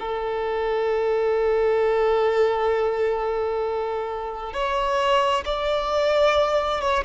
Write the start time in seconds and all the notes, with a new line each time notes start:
0.00 A4
4.54 C#5
5.45 D5
6.82 C#5